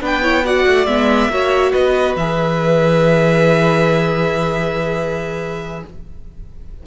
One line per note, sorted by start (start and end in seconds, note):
0.00 0.66 B3
0.00 0.22 D4
0.00 0.22 B4
0.00 0.46 G5
0.22 0.44 E4
0.22 0.44 C#5
0.44 0.87 F#4
0.44 1.31 D5
0.44 0.86 F#5
0.66 0.86 A3
0.86 1.28 G#3
0.86 1.30 B3
0.86 1.72 E5
1.28 1.72 A#3
1.28 2.16 F#4
1.28 1.72 C#5
1.72 2.16 B3
1.72 5.82 B4
1.72 2.15 D#5
2.16 5.83 E3
2.16 5.86 G#4
2.16 5.83 E5